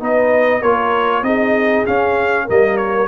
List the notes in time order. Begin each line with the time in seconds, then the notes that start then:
0.00 B3 D#4 B4 D#5
0.60 A#3 F4 A#4 C#5
1.22 C4 D#4 G#4 D#5
1.86 C#4 F5
2.45 G3 A#3 A#4 D#5
2.77 C#5